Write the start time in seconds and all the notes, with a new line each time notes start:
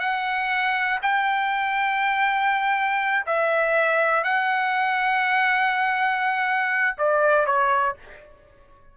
0.00 F#5
1.02 G5
3.26 E5
4.24 F#5
6.98 D5
7.46 C#5